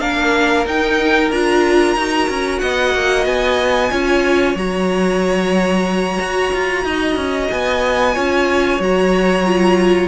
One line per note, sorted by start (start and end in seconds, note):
0.00 0.65 A#3
0.00 0.66 D4
0.00 2.62 A#4
0.00 0.65 F5
0.65 1.31 D#4
0.65 1.32 D#4
0.65 1.31 G5
1.31 1.96 D4
1.31 1.98 F4
1.31 2.59 A#5
1.96 2.29 D#4
1.96 3.91 F#4
2.29 2.62 C#4
2.59 2.95 B3
2.59 3.91 D#5
2.59 3.24 F#5
2.95 3.25 A#3
3.25 3.91 B3
3.25 4.57 G#5
3.91 4.56 C#4
3.91 4.56 F4
3.91 6.84 C#5
4.56 6.19 F#3
4.56 8.15 F#4
4.56 7.51 A#5
6.20 6.53 F#4
6.54 6.84 F4
6.84 7.16 D#4
6.84 8.14 D#5
7.16 7.49 C#4
7.51 8.17 B3
7.51 8.81 G#5
8.14 8.80 C#4
8.14 8.80 F4
8.14 10.08 C#5
8.80 10.08 F#3
8.80 9.45 F#4
8.80 10.08 A#5
9.46 10.08 F4